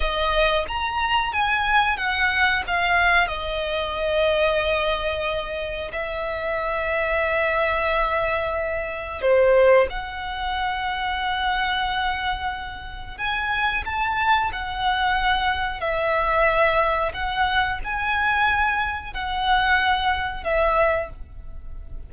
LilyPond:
\new Staff \with { instrumentName = "violin" } { \time 4/4 \tempo 4 = 91 dis''4 ais''4 gis''4 fis''4 | f''4 dis''2.~ | dis''4 e''2.~ | e''2 c''4 fis''4~ |
fis''1 | gis''4 a''4 fis''2 | e''2 fis''4 gis''4~ | gis''4 fis''2 e''4 | }